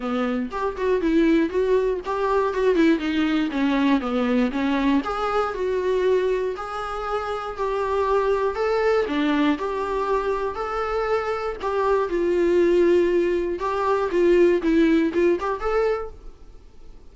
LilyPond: \new Staff \with { instrumentName = "viola" } { \time 4/4 \tempo 4 = 119 b4 g'8 fis'8 e'4 fis'4 | g'4 fis'8 e'8 dis'4 cis'4 | b4 cis'4 gis'4 fis'4~ | fis'4 gis'2 g'4~ |
g'4 a'4 d'4 g'4~ | g'4 a'2 g'4 | f'2. g'4 | f'4 e'4 f'8 g'8 a'4 | }